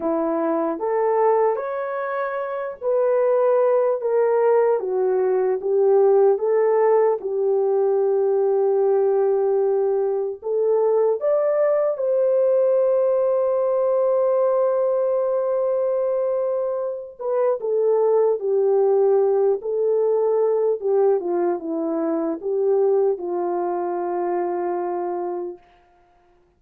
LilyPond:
\new Staff \with { instrumentName = "horn" } { \time 4/4 \tempo 4 = 75 e'4 a'4 cis''4. b'8~ | b'4 ais'4 fis'4 g'4 | a'4 g'2.~ | g'4 a'4 d''4 c''4~ |
c''1~ | c''4. b'8 a'4 g'4~ | g'8 a'4. g'8 f'8 e'4 | g'4 f'2. | }